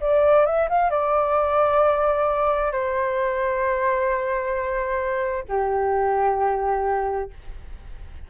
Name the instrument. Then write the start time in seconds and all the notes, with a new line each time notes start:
flute
0.00 D5
0.45 E5
0.69 F5
0.90 D5
2.71 C5
5.48 G4